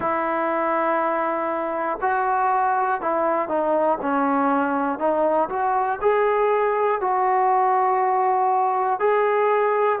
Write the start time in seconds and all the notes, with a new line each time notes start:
0.00 E4
2.01 F#4
3.00 E4
3.48 D#4
4.01 C#4
4.99 D#4
5.49 F#4
6.01 G#4
7.00 F#4
8.99 G#4